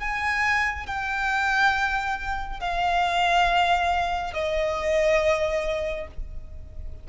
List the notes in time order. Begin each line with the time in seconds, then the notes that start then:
0.00 G#5
0.87 G5
2.60 F5
4.34 D#5